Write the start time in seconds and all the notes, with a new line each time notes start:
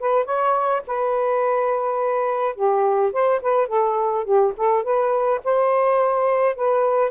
0.00 B4
0.25 C#5
0.88 B4
2.56 G4
3.13 C5
3.42 B4
3.68 A4
4.25 G4
4.57 A4
4.84 B4
5.45 C5
6.56 B4